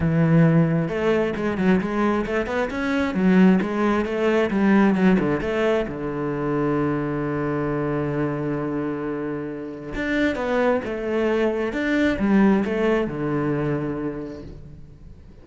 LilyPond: \new Staff \with { instrumentName = "cello" } { \time 4/4 \tempo 4 = 133 e2 a4 gis8 fis8 | gis4 a8 b8 cis'4 fis4 | gis4 a4 g4 fis8 d8 | a4 d2.~ |
d1~ | d2 d'4 b4 | a2 d'4 g4 | a4 d2. | }